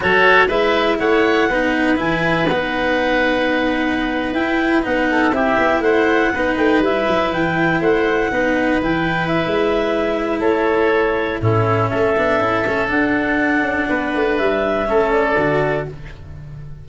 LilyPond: <<
  \new Staff \with { instrumentName = "clarinet" } { \time 4/4 \tempo 4 = 121 cis''4 e''4 fis''2 | gis''4 fis''2.~ | fis''8. g''4 fis''4 e''4 fis''16~ | fis''4~ fis''16 g''8 e''4 g''4 fis''16~ |
fis''4.~ fis''16 g''4 e''4~ e''16~ | e''4 cis''2 a'4 | e''2 fis''2~ | fis''4 e''4. d''4. | }
  \new Staff \with { instrumentName = "oboe" } { \time 4/4 a'4 b'4 cis''4 b'4~ | b'1~ | b'2~ b'16 a'8 g'4 c''16~ | c''8. b'2. c''16~ |
c''8. b'2.~ b'16~ | b'4 a'2 e'4 | a'1 | b'2 a'2 | }
  \new Staff \with { instrumentName = "cello" } { \time 4/4 fis'4 e'2 dis'4 | e'4 dis'2.~ | dis'8. e'4 dis'4 e'4~ e'16~ | e'8. dis'4 e'2~ e'16~ |
e'8. dis'4 e'2~ e'16~ | e'2. cis'4~ | cis'8 d'8 e'8 cis'8 d'2~ | d'2 cis'4 fis'4 | }
  \new Staff \with { instrumentName = "tuba" } { \time 4/4 fis4 gis4 a4 b4 | e4 b2.~ | b8. e'4 b4 c'8 b8 a16~ | a8. b8 a8 g8 fis8 e4 a16~ |
a8. b4 e4~ e16 gis4~ | gis4 a2 a,4 | a8 b8 cis'8 a8 d'4. cis'8 | b8 a8 g4 a4 d4 | }
>>